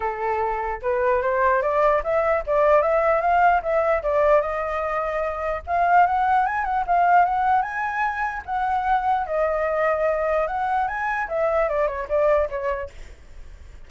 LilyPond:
\new Staff \with { instrumentName = "flute" } { \time 4/4 \tempo 4 = 149 a'2 b'4 c''4 | d''4 e''4 d''4 e''4 | f''4 e''4 d''4 dis''4~ | dis''2 f''4 fis''4 |
gis''8 fis''8 f''4 fis''4 gis''4~ | gis''4 fis''2 dis''4~ | dis''2 fis''4 gis''4 | e''4 d''8 cis''8 d''4 cis''4 | }